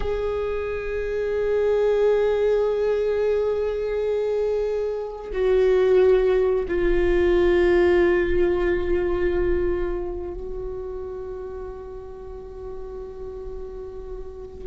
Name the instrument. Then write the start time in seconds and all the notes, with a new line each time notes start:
viola
0.00 G#4
5.32 F#4
6.68 F4
10.34 F#4